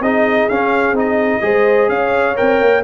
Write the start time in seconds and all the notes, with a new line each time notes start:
0.00 C4 D#4 G#4 D#5
0.49 C#4 F5
0.92 C4 D#4
0.98 D#5
1.41 G#3 G#4 C5
1.89 C#4 C#5 F5
2.35 C4 A#4 G5
2.61 A#3